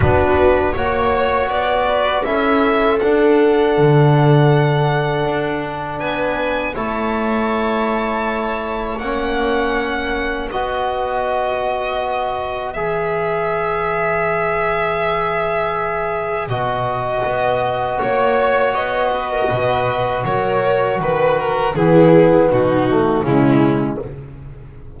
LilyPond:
<<
  \new Staff \with { instrumentName = "violin" } { \time 4/4 \tempo 4 = 80 b'4 cis''4 d''4 e''4 | fis''1 | gis''4 a''2. | fis''2 dis''2~ |
dis''4 e''2.~ | e''2 dis''2 | cis''4 dis''2 cis''4 | b'8 ais'8 gis'4 fis'4 e'4 | }
  \new Staff \with { instrumentName = "viola" } { \time 4/4 fis'4 cis''4. b'8 a'4~ | a'1 | b'4 cis''2.~ | cis''2 b'2~ |
b'1~ | b'1 | cis''4. b'16 ais'16 b'4 ais'4 | b'4 e'4 dis'4 cis'4 | }
  \new Staff \with { instrumentName = "trombone" } { \time 4/4 d'4 fis'2 e'4 | d'1~ | d'4 e'2. | cis'2 fis'2~ |
fis'4 gis'2.~ | gis'2 fis'2~ | fis'1~ | fis'4 b4. a8 gis4 | }
  \new Staff \with { instrumentName = "double bass" } { \time 4/4 b4 ais4 b4 cis'4 | d'4 d2 d'4 | b4 a2. | ais2 b2~ |
b4 e2.~ | e2 b,4 b4 | ais4 b4 b,4 fis4 | dis4 e4 b,4 cis4 | }
>>